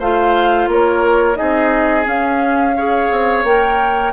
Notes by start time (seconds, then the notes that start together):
0.00 A3 F4 C5 F5
0.68 A#3 A#4 C#5
1.35 C4 D#4 G#4 D#5
2.04 C#4 F5
2.77 G#4 C#5
3.11 C4
3.44 A#3 A#4 G5